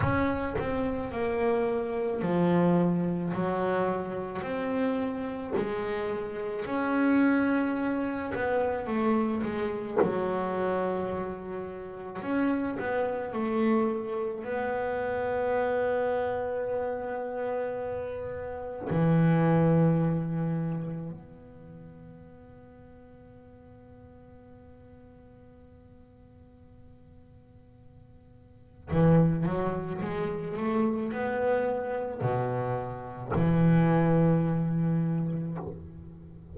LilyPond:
\new Staff \with { instrumentName = "double bass" } { \time 4/4 \tempo 4 = 54 cis'8 c'8 ais4 f4 fis4 | c'4 gis4 cis'4. b8 | a8 gis8 fis2 cis'8 b8 | a4 b2.~ |
b4 e2 b4~ | b1~ | b2 e8 fis8 gis8 a8 | b4 b,4 e2 | }